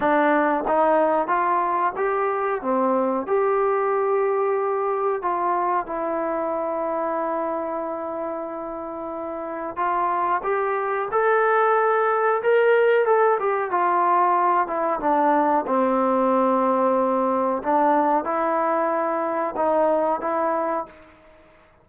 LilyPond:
\new Staff \with { instrumentName = "trombone" } { \time 4/4 \tempo 4 = 92 d'4 dis'4 f'4 g'4 | c'4 g'2. | f'4 e'2.~ | e'2. f'4 |
g'4 a'2 ais'4 | a'8 g'8 f'4. e'8 d'4 | c'2. d'4 | e'2 dis'4 e'4 | }